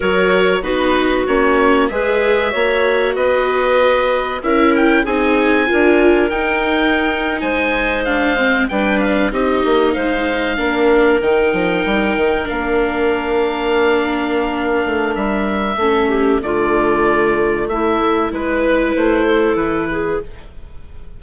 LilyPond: <<
  \new Staff \with { instrumentName = "oboe" } { \time 4/4 \tempo 4 = 95 cis''4 b'4 cis''4 e''4~ | e''4 dis''2 e''8 g''8 | gis''2 g''4.~ g''16 gis''16~ | gis''8. f''4 g''8 f''8 dis''4 f''16~ |
f''4.~ f''16 g''2 f''16~ | f''1 | e''2 d''2 | e''4 b'4 c''4 b'4 | }
  \new Staff \with { instrumentName = "clarinet" } { \time 4/4 ais'4 fis'2 b'4 | cis''4 b'2 ais'4 | gis'4 ais'2~ ais'8. c''16~ | c''4.~ c''16 b'4 g'4 c''16~ |
c''8. ais'2.~ ais'16~ | ais'1~ | ais'4 a'8 g'8 f'2 | e'4 b'4. a'4 gis'8 | }
  \new Staff \with { instrumentName = "viola" } { \time 4/4 fis'4 dis'4 cis'4 gis'4 | fis'2. e'4 | dis'4 f'4 dis'2~ | dis'8. d'8 c'8 d'4 dis'4~ dis'16~ |
dis'8. d'4 dis'2 d'16~ | d'1~ | d'4 cis'4 a2~ | a4 e'2. | }
  \new Staff \with { instrumentName = "bassoon" } { \time 4/4 fis4 b4 ais4 gis4 | ais4 b2 cis'4 | c'4 d'4 dis'4.~ dis'16 gis16~ | gis4.~ gis16 g4 c'8 ais8 gis16~ |
gis8. ais4 dis8 f8 g8 dis8 ais16~ | ais2.~ ais8 a8 | g4 a4 d2 | a4 gis4 a4 e4 | }
>>